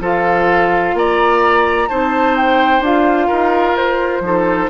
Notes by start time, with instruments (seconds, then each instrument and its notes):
0.00 bassoon F3, clarinet F4, oboe A4, flute F5
0.94 bassoon A#3, oboe D5, flute A#5
1.89 bassoon C4, clarinet D#4, oboe C5, flute A5
2.36 flute G5
2.80 bassoon D4, clarinet F4, flute F5
3.27 bassoon D#4, oboe A#4
3.73 bassoon F4, flute C5
4.21 bassoon F3, clarinet D#4, oboe A4